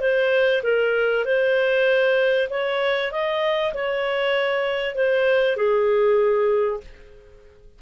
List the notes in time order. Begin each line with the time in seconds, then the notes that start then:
0.00 C5
0.63 A#4
1.25 C5
2.50 C#5
3.11 D#5
3.73 C#5
4.95 C5
5.56 G#4